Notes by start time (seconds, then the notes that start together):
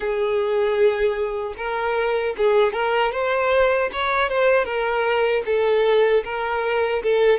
0.00 G#4
1.57 A#4
2.37 G#4
2.73 A#4
3.12 C5
3.92 C#5
4.29 C5
4.64 A#4
5.45 A4
6.24 A#4
7.02 A4